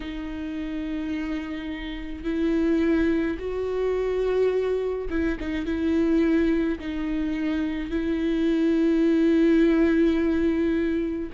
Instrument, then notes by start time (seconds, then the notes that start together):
viola
0.00 D#4
2.24 E4
3.38 F#4
5.09 E4
5.40 D#4
5.66 E4
6.79 D#4
7.90 E4